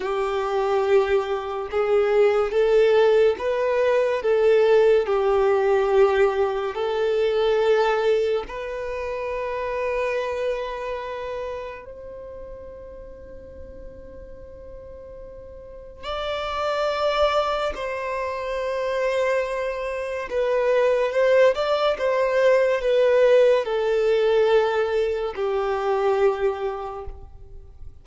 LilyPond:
\new Staff \with { instrumentName = "violin" } { \time 4/4 \tempo 4 = 71 g'2 gis'4 a'4 | b'4 a'4 g'2 | a'2 b'2~ | b'2 c''2~ |
c''2. d''4~ | d''4 c''2. | b'4 c''8 d''8 c''4 b'4 | a'2 g'2 | }